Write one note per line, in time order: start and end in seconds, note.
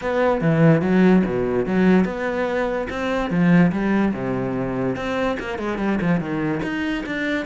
0.01 0.41 B3
0.41 0.81 E3
0.81 1.23 F#3
1.25 1.66 B2
1.66 2.04 F#3
2.04 2.87 B3
2.89 3.30 C4
3.30 3.71 F3
3.71 4.13 G3
4.13 4.96 C3
4.96 5.37 C4
5.39 5.58 A#3
5.58 5.78 G#3
5.78 5.98 G3
6.01 6.20 F3
6.20 6.61 D#3
6.63 7.04 D#4
7.06 7.45 D4